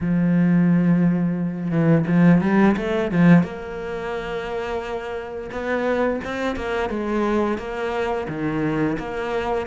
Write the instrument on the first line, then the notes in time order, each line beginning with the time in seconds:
cello
0.00 F3
1.71 E3
2.06 F3
2.41 G3
2.76 A3
3.11 F3
3.43 A#3
5.51 B3
6.24 C4
6.56 A#3
6.89 G#3
7.58 A#3
8.28 D#3
8.98 A#3